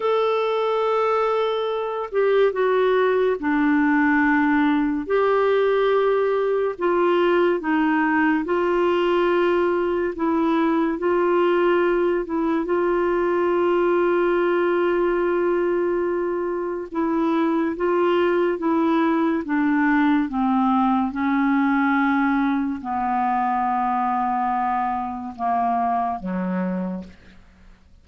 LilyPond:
\new Staff \with { instrumentName = "clarinet" } { \time 4/4 \tempo 4 = 71 a'2~ a'8 g'8 fis'4 | d'2 g'2 | f'4 dis'4 f'2 | e'4 f'4. e'8 f'4~ |
f'1 | e'4 f'4 e'4 d'4 | c'4 cis'2 b4~ | b2 ais4 fis4 | }